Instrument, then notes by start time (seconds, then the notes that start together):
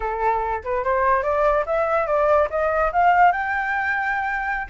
flute
0.00 A4
0.64 B4
0.84 C5
1.23 D5
1.66 E5
2.06 D5
2.49 D#5
2.92 F5
3.32 G5